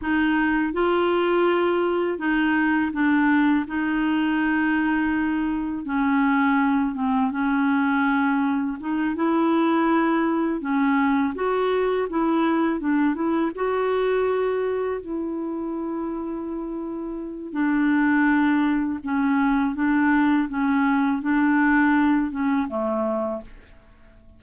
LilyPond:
\new Staff \with { instrumentName = "clarinet" } { \time 4/4 \tempo 4 = 82 dis'4 f'2 dis'4 | d'4 dis'2. | cis'4. c'8 cis'2 | dis'8 e'2 cis'4 fis'8~ |
fis'8 e'4 d'8 e'8 fis'4.~ | fis'8 e'2.~ e'8 | d'2 cis'4 d'4 | cis'4 d'4. cis'8 a4 | }